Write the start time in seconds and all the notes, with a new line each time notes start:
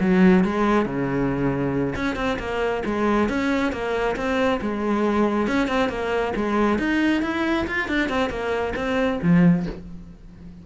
0.00 F#3
0.44 G#3
0.85 C#3
1.95 C#4
2.16 C4
2.39 A#3
2.85 G#3
3.29 C#4
3.72 A#3
4.16 C4
4.61 G#3
5.47 C#4
5.68 C4
5.89 A#3
6.35 G#3
6.78 D#4
7.22 E4
7.67 F4
7.88 D4
8.09 C4
8.29 A#3
8.75 C4
9.22 F3